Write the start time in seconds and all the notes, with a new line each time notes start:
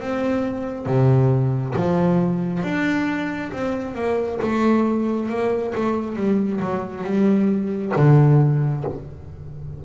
0.00 C4
0.86 C3
1.76 F3
2.64 D4
3.53 C4
3.95 A#3
4.42 A3
5.29 A#3
5.75 A3
6.16 G3
6.60 F#3
7.04 G3
7.96 D3